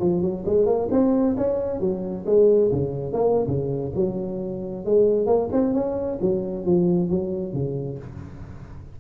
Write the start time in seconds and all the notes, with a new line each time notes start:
0.00 F3
0.22 F#3
0.46 G#3
0.66 A#3
0.91 C4
1.37 C#4
1.80 F#3
2.26 G#3
2.72 C#3
3.13 A#3
3.47 C#3
3.95 F#3
4.85 G#3
5.26 A#3
5.52 C4
5.74 C#4
6.21 F#3
6.65 F3
7.09 F#3
7.54 C#3